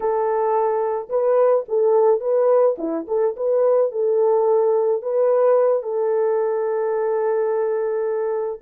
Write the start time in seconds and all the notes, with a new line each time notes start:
0.00 A4
1.09 B4
1.68 A4
2.20 B4
2.78 E4
3.07 A4
3.36 B4
3.91 A4
5.02 B4
5.82 A4